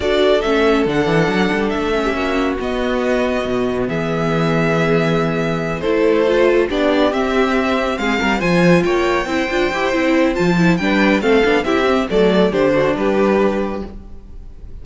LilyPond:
<<
  \new Staff \with { instrumentName = "violin" } { \time 4/4 \tempo 4 = 139 d''4 e''4 fis''2 | e''2 dis''2~ | dis''4 e''2.~ | e''4. c''2 d''8~ |
d''8 e''2 f''4 gis''8~ | gis''8 g''2.~ g''8 | a''4 g''4 f''4 e''4 | d''4 c''4 b'2 | }
  \new Staff \with { instrumentName = "violin" } { \time 4/4 a'1~ | a'8. g'16 fis'2.~ | fis'4 gis'2.~ | gis'4. a'2 g'8~ |
g'2~ g'8 gis'8 ais'8 c''8~ | c''8 cis''4 c''2~ c''8~ | c''4 b'4 a'4 g'4 | a'4 g'8 fis'8 g'2 | }
  \new Staff \with { instrumentName = "viola" } { \time 4/4 fis'4 cis'4 d'2~ | d'8 cis'4. b2~ | b1~ | b4. e'4 f'4 d'8~ |
d'8 c'2. f'8~ | f'4. e'8 f'8 g'8 e'4 | f'8 e'8 d'4 c'8 d'8 e'8 c'8 | a4 d'2. | }
  \new Staff \with { instrumentName = "cello" } { \time 4/4 d'4 a4 d8 e8 fis8 g8 | a4 ais4 b2 | b,4 e2.~ | e4. a2 b8~ |
b8 c'2 gis8 g8 f8~ | f8 ais4 c'8 d'8 e'8 c'4 | f4 g4 a8 b8 c'4 | fis4 d4 g2 | }
>>